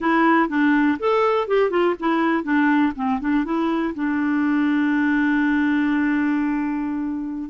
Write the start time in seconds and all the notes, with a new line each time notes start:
0.00 E4
0.48 D4
0.99 A4
1.47 G4
1.70 F4
1.99 E4
2.43 D4
2.95 C4
3.20 D4
3.44 E4
3.95 D4